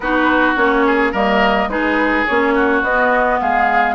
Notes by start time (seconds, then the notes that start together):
0.00 B3 D#4 F#4 B4
0.56 A#3 C#4 C#5
0.86 G#4
1.12 G3 A#3 A#4 D#5
1.67 G#3 D#4 G#4 B4
2.26 A#3 C#4 C#5
2.55 F#4
2.82 B3 D#5
3.39 G#3 G#4 F5